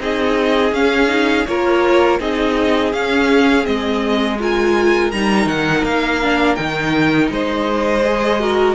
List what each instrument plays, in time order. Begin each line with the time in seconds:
0.00 cello C4, viola D#4, violin G#4 D#5
0.72 cello C#4, viola C#4, violin F5
1.08 viola D#4
1.47 cello A#3, viola F4, violin A#4 C#5
2.20 cello C4, viola D#4, violin G#4 D#5
2.93 cello C#4, viola C#4, violin F5
3.63 cello G#3, viola C4, violin D#5
4.39 viola F4, violin A#4 G#5
5.12 cello G3, viola D#4, violin A#5
5.46 cello D#3, violin F#5
5.84 cello A#3, violin F5
6.23 viola D4
6.56 cello D#3, viola D#4, violin G5
7.30 cello G#3, violin C5 D#5
8.04 viola G#4
8.40 viola F#4, violin A#4